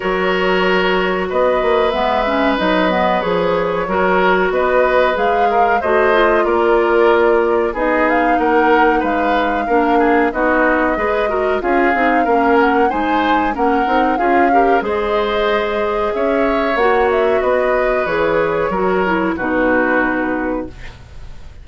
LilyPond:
<<
  \new Staff \with { instrumentName = "flute" } { \time 4/4 \tempo 4 = 93 cis''2 dis''4 e''4 | dis''4 cis''2 dis''4 | f''4 dis''4 d''2 | dis''8 f''8 fis''4 f''2 |
dis''2 f''4. fis''8 | gis''4 fis''4 f''4 dis''4~ | dis''4 e''4 fis''8 e''8 dis''4 | cis''2 b'2 | }
  \new Staff \with { instrumentName = "oboe" } { \time 4/4 ais'2 b'2~ | b'2 ais'4 b'4~ | b'8 ais'8 c''4 ais'2 | gis'4 ais'4 b'4 ais'8 gis'8 |
fis'4 b'8 ais'8 gis'4 ais'4 | c''4 ais'4 gis'8 ais'8 c''4~ | c''4 cis''2 b'4~ | b'4 ais'4 fis'2 | }
  \new Staff \with { instrumentName = "clarinet" } { \time 4/4 fis'2. b8 cis'8 | dis'8 b8 gis'4 fis'2 | gis'4 fis'8 f'2~ f'8 | dis'2. d'4 |
dis'4 gis'8 fis'8 f'8 dis'8 cis'4 | dis'4 cis'8 dis'8 f'8 g'8 gis'4~ | gis'2 fis'2 | gis'4 fis'8 e'8 dis'2 | }
  \new Staff \with { instrumentName = "bassoon" } { \time 4/4 fis2 b8 ais8 gis4 | fis4 f4 fis4 b4 | gis4 a4 ais2 | b4 ais4 gis4 ais4 |
b4 gis4 cis'8 c'8 ais4 | gis4 ais8 c'8 cis'4 gis4~ | gis4 cis'4 ais4 b4 | e4 fis4 b,2 | }
>>